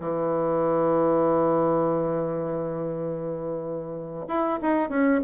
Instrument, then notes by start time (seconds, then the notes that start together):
bassoon
0.00 E3
4.28 E4
4.62 D#4
4.90 C#4